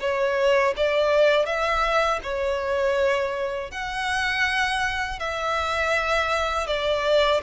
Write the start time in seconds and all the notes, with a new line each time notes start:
0.00 C#5
0.76 D5
1.45 E5
2.23 C#5
3.71 F#5
5.19 E5
6.67 D5